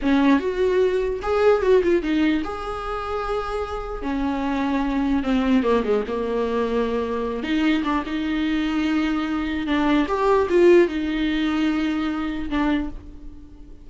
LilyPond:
\new Staff \with { instrumentName = "viola" } { \time 4/4 \tempo 4 = 149 cis'4 fis'2 gis'4 | fis'8 f'8 dis'4 gis'2~ | gis'2 cis'2~ | cis'4 c'4 ais8 gis8 ais4~ |
ais2~ ais8 dis'4 d'8 | dis'1 | d'4 g'4 f'4 dis'4~ | dis'2. d'4 | }